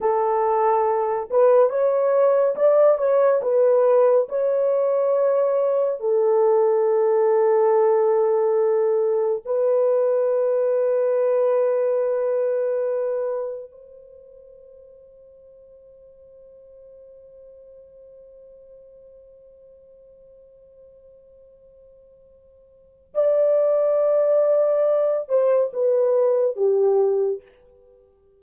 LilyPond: \new Staff \with { instrumentName = "horn" } { \time 4/4 \tempo 4 = 70 a'4. b'8 cis''4 d''8 cis''8 | b'4 cis''2 a'4~ | a'2. b'4~ | b'1 |
c''1~ | c''1~ | c''2. d''4~ | d''4. c''8 b'4 g'4 | }